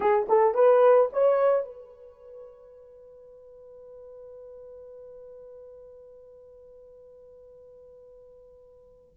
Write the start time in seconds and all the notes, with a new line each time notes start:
0.00 G#4
0.28 A4
0.54 B4
1.12 C#5
1.65 B4